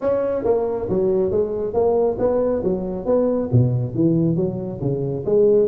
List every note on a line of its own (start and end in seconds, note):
0.01 0.44 C#4
0.44 0.88 A#3
0.89 1.31 F#3
1.31 1.73 G#3
1.73 2.17 A#3
2.18 2.62 B3
2.63 3.05 F#3
3.05 3.49 B3
3.52 3.94 B2
3.94 4.36 E3
4.36 4.80 F#3
4.81 5.25 C#3
5.25 5.68 G#3